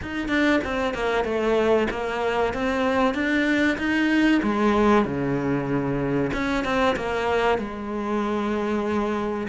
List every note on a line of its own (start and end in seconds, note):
0.01 0.28 D#4
0.28 0.59 D4
0.64 0.93 C4
0.93 1.24 A#3
1.24 1.87 A3
1.90 2.53 A#3
2.53 3.14 C4
3.14 3.77 D4
3.78 4.41 D#4
4.42 5.04 G#3
5.04 6.31 C#3
6.33 6.64 C#4
6.64 6.95 C4
6.96 7.58 A#3
7.58 9.47 G#3